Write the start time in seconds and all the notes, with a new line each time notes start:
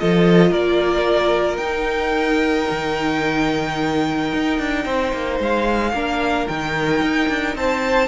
0.00 F3 F4 A4 D#5
0.51 A#3 A#4 D5
1.57 D#4 G5
2.71 D#3
4.33 D#4
4.59 D4
4.85 C4 C5
5.13 A#3
5.40 G#3 F5
5.93 A#3 D4 A#4
6.48 D#3 D#4 G5
7.02 D#4
7.29 D4
7.56 C4 C5 A5